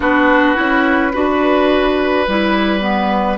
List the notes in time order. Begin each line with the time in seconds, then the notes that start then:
0.00 B3 D4 F#4 B4
0.55 C#4 E4
1.12 D4 F#4 B4
2.27 G3 E4
2.80 B3